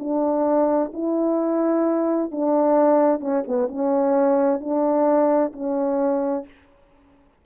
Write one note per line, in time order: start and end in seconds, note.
0.00 0.92 D4
0.94 2.32 E4
2.32 3.21 D4
3.21 3.44 C#4
3.48 3.68 B3
3.68 4.61 C#4
4.61 5.53 D4
5.53 6.46 C#4